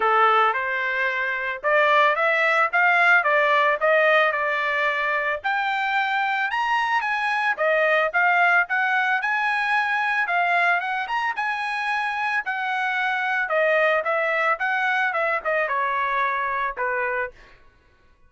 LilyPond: \new Staff \with { instrumentName = "trumpet" } { \time 4/4 \tempo 4 = 111 a'4 c''2 d''4 | e''4 f''4 d''4 dis''4 | d''2 g''2 | ais''4 gis''4 dis''4 f''4 |
fis''4 gis''2 f''4 | fis''8 ais''8 gis''2 fis''4~ | fis''4 dis''4 e''4 fis''4 | e''8 dis''8 cis''2 b'4 | }